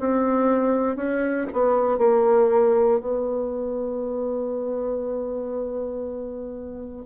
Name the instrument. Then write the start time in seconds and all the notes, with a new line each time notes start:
bassoon
0.00 C4
0.97 C#4
1.53 B3
1.99 A#3
3.00 B3